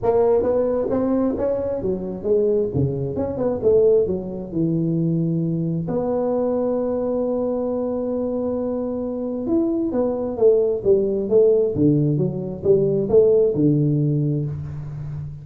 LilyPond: \new Staff \with { instrumentName = "tuba" } { \time 4/4 \tempo 4 = 133 ais4 b4 c'4 cis'4 | fis4 gis4 cis4 cis'8 b8 | a4 fis4 e2~ | e4 b2.~ |
b1~ | b4 e'4 b4 a4 | g4 a4 d4 fis4 | g4 a4 d2 | }